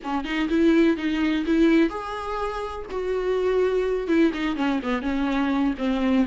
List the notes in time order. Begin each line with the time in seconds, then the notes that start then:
0.03 C#4
0.24 D#4
0.49 E4
0.96 D#4
1.46 E4
1.89 G#4
2.90 F#4
4.07 E4
4.33 D#4
4.56 C#4
4.82 B3
5.02 C#4
5.78 C4